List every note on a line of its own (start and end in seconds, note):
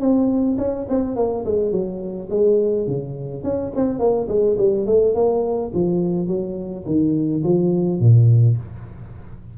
0.00 0.57 C4
0.58 0.87 C#4
0.89 1.16 C4
1.16 1.45 A#3
1.46 1.72 G#3
1.72 2.29 F#3
2.30 2.87 G#3
2.87 3.43 C#3
3.43 3.72 C#4
3.76 3.99 C4
3.99 4.28 A#3
4.28 4.57 G#3
4.58 4.86 G3
4.86 5.15 A3
5.15 5.72 A#3
5.74 6.28 F3
6.28 6.85 F#3
6.86 7.43 D#3
7.44 8.00 F3
8.00 8.57 A#2